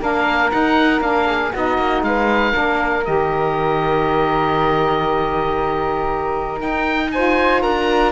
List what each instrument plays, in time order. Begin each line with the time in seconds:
0.00 cello A#3, saxophone D4, flute A#4, oboe F5
0.51 saxophone D#4, cello D#4, oboe F#5
0.99 cello A#3, saxophone D4, oboe F5
1.26 flute G#4
1.52 cello B3, saxophone D#4, flute F#4, oboe D#5
1.77 cello A#3
2.02 cello G#3, flute B4, oboe F5
2.52 cello A#3, saxophone D4, flute A#4
3.05 cello D#3, saxophone G4, oboe D#5
6.58 saxophone D#4, cello D#4, oboe G5
7.11 saxophone F4, flute C5, oboe G#5
7.61 cello D4, flute A#4, oboe A#5